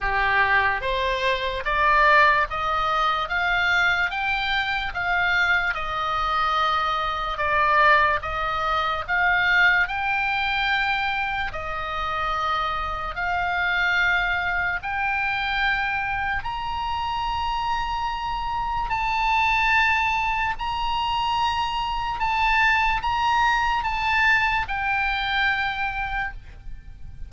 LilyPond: \new Staff \with { instrumentName = "oboe" } { \time 4/4 \tempo 4 = 73 g'4 c''4 d''4 dis''4 | f''4 g''4 f''4 dis''4~ | dis''4 d''4 dis''4 f''4 | g''2 dis''2 |
f''2 g''2 | ais''2. a''4~ | a''4 ais''2 a''4 | ais''4 a''4 g''2 | }